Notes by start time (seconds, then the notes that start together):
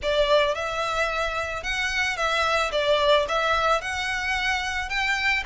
0.02 D5
0.54 E5
1.63 F#5
2.16 E5
2.71 D5
3.28 E5
3.81 F#5
4.89 G5